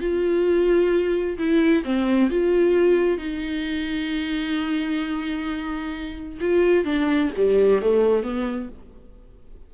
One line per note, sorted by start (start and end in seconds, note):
0.00 1.37 F4
1.38 1.84 E4
1.84 2.30 C4
2.30 3.18 F4
3.18 6.38 D#4
6.40 6.85 F4
6.85 7.30 D4
7.36 7.82 G3
7.82 8.23 A3
8.23 8.69 B3